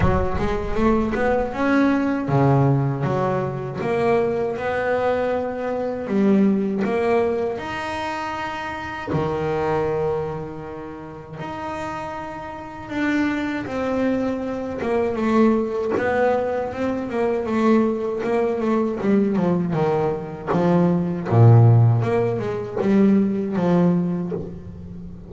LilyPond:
\new Staff \with { instrumentName = "double bass" } { \time 4/4 \tempo 4 = 79 fis8 gis8 a8 b8 cis'4 cis4 | fis4 ais4 b2 | g4 ais4 dis'2 | dis2. dis'4~ |
dis'4 d'4 c'4. ais8 | a4 b4 c'8 ais8 a4 | ais8 a8 g8 f8 dis4 f4 | ais,4 ais8 gis8 g4 f4 | }